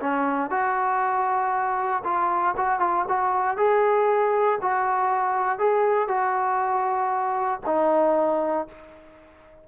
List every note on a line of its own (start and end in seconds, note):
0.00 0.50 C#4
0.50 2.03 F#4
2.04 2.55 F4
2.57 2.80 F#4
2.80 3.05 F4
3.08 3.57 F#4
3.57 4.59 G#4
4.62 5.59 F#4
5.59 6.08 G#4
6.08 7.60 F#4
7.66 8.68 D#4